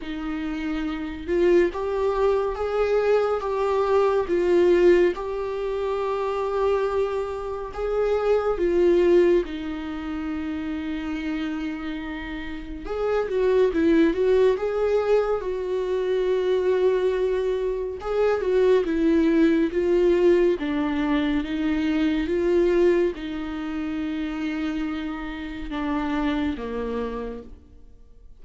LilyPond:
\new Staff \with { instrumentName = "viola" } { \time 4/4 \tempo 4 = 70 dis'4. f'8 g'4 gis'4 | g'4 f'4 g'2~ | g'4 gis'4 f'4 dis'4~ | dis'2. gis'8 fis'8 |
e'8 fis'8 gis'4 fis'2~ | fis'4 gis'8 fis'8 e'4 f'4 | d'4 dis'4 f'4 dis'4~ | dis'2 d'4 ais4 | }